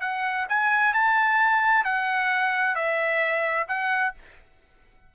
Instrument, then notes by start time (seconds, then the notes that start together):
trumpet
0.00 F#5
0.49 G#5
0.93 A5
1.84 F#5
2.75 E5
3.68 F#5